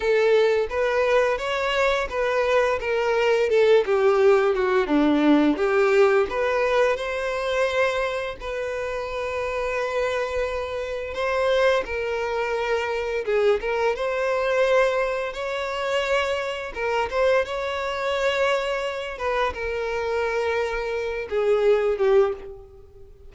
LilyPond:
\new Staff \with { instrumentName = "violin" } { \time 4/4 \tempo 4 = 86 a'4 b'4 cis''4 b'4 | ais'4 a'8 g'4 fis'8 d'4 | g'4 b'4 c''2 | b'1 |
c''4 ais'2 gis'8 ais'8 | c''2 cis''2 | ais'8 c''8 cis''2~ cis''8 b'8 | ais'2~ ais'8 gis'4 g'8 | }